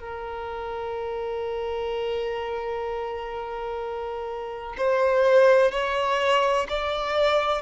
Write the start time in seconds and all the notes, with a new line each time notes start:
0.00 A#4
4.77 C5
5.71 C#5
6.69 D5